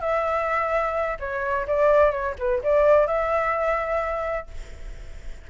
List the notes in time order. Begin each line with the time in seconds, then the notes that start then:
0.00 E5
1.19 C#5
1.67 D5
2.11 C#5
2.39 B4
2.63 D5
3.07 E5